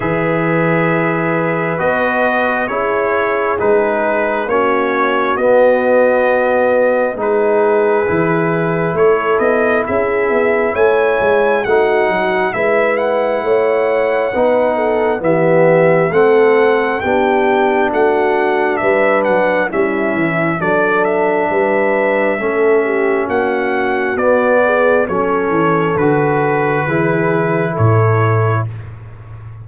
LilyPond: <<
  \new Staff \with { instrumentName = "trumpet" } { \time 4/4 \tempo 4 = 67 e''2 dis''4 cis''4 | b'4 cis''4 dis''2 | b'2 cis''8 dis''8 e''4 | gis''4 fis''4 e''8 fis''4.~ |
fis''4 e''4 fis''4 g''4 | fis''4 e''8 fis''8 e''4 d''8 e''8~ | e''2 fis''4 d''4 | cis''4 b'2 cis''4 | }
  \new Staff \with { instrumentName = "horn" } { \time 4/4 b'2. gis'4~ | gis'4 fis'2. | gis'2 a'4 gis'4 | cis''4 fis'4 b'4 cis''4 |
b'8 a'8 g'4 a'4 g'4 | fis'4 b'4 e'4 a'4 | b'4 a'8 g'8 fis'4. gis'8 | a'2 gis'4 a'4 | }
  \new Staff \with { instrumentName = "trombone" } { \time 4/4 gis'2 fis'4 e'4 | dis'4 cis'4 b2 | dis'4 e'2.~ | e'4 dis'4 e'2 |
dis'4 b4 c'4 d'4~ | d'2 cis'4 d'4~ | d'4 cis'2 b4 | cis'4 fis'4 e'2 | }
  \new Staff \with { instrumentName = "tuba" } { \time 4/4 e2 b4 cis'4 | gis4 ais4 b2 | gis4 e4 a8 b8 cis'8 b8 | a8 gis8 a8 fis8 gis4 a4 |
b4 e4 a4 b4 | a4 g8 fis8 g8 e8 fis4 | g4 a4 ais4 b4 | fis8 e8 d4 e4 a,4 | }
>>